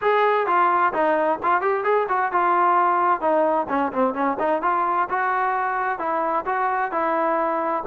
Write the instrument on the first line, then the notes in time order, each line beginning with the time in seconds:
trombone
0.01 G#4
0.46 F4
0.93 D#4
1.42 F4
1.61 G4
1.84 G#4
2.08 F#4
2.32 F4
3.20 D#4
3.68 C#4
3.92 C4
4.13 C#4
4.39 D#4
4.62 F4
5.09 F#4
5.98 E4
6.45 F#4
6.91 E4